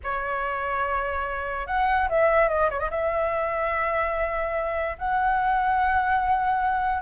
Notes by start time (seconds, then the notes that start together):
0.03 C#5
1.67 F#5
2.09 E5
2.48 D#5
2.70 C#5
2.79 D#5
2.90 E5
4.98 F#5